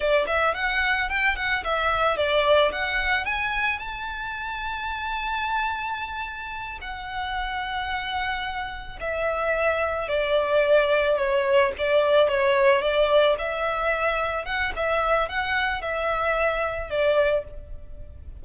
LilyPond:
\new Staff \with { instrumentName = "violin" } { \time 4/4 \tempo 4 = 110 d''8 e''8 fis''4 g''8 fis''8 e''4 | d''4 fis''4 gis''4 a''4~ | a''1~ | a''8 fis''2.~ fis''8~ |
fis''8 e''2 d''4.~ | d''8 cis''4 d''4 cis''4 d''8~ | d''8 e''2 fis''8 e''4 | fis''4 e''2 d''4 | }